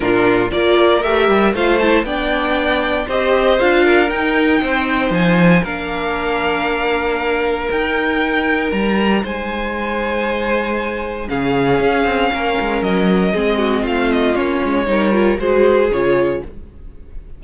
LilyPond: <<
  \new Staff \with { instrumentName = "violin" } { \time 4/4 \tempo 4 = 117 ais'4 d''4 e''4 f''8 a''8 | g''2 dis''4 f''4 | g''2 gis''4 f''4~ | f''2. g''4~ |
g''4 ais''4 gis''2~ | gis''2 f''2~ | f''4 dis''2 f''8 dis''8 | cis''2 c''4 cis''4 | }
  \new Staff \with { instrumentName = "violin" } { \time 4/4 f'4 ais'2 c''4 | d''2 c''4. ais'8~ | ais'4 c''2 ais'4~ | ais'1~ |
ais'2 c''2~ | c''2 gis'2 | ais'2 gis'8 fis'8 f'4~ | f'4 ais'4 gis'2 | }
  \new Staff \with { instrumentName = "viola" } { \time 4/4 d'4 f'4 g'4 f'8 e'8 | d'2 g'4 f'4 | dis'2. d'4~ | d'2. dis'4~ |
dis'1~ | dis'2 cis'2~ | cis'2 c'2 | cis'4 dis'8 f'8 fis'4 f'4 | }
  \new Staff \with { instrumentName = "cello" } { \time 4/4 ais,4 ais4 a8 g8 a4 | b2 c'4 d'4 | dis'4 c'4 f4 ais4~ | ais2. dis'4~ |
dis'4 g4 gis2~ | gis2 cis4 cis'8 c'8 | ais8 gis8 fis4 gis4 a4 | ais8 gis8 g4 gis4 cis4 | }
>>